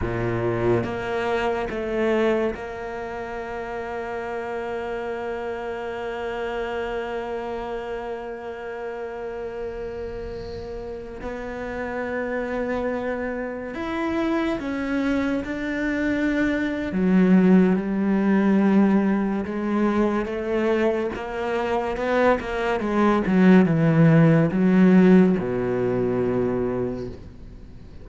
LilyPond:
\new Staff \with { instrumentName = "cello" } { \time 4/4 \tempo 4 = 71 ais,4 ais4 a4 ais4~ | ais1~ | ais1~ | ais4~ ais16 b2~ b8.~ |
b16 e'4 cis'4 d'4.~ d'16 | fis4 g2 gis4 | a4 ais4 b8 ais8 gis8 fis8 | e4 fis4 b,2 | }